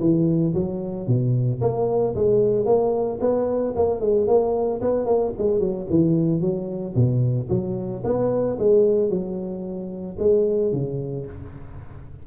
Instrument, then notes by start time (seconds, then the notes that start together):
tuba
0.00 E3
0.54 F#3
1.07 B2
1.61 A#3
2.16 G#3
2.66 A#3
3.20 B3
3.76 A#3
4.00 G#3
4.27 A#3
4.81 B3
5.06 A#3
5.38 G#3
5.60 F#3
5.90 E3
6.41 F#3
6.95 B2
7.50 F#3
8.04 B3
8.59 G#3
9.10 F#3
10.19 G#3
10.73 C#3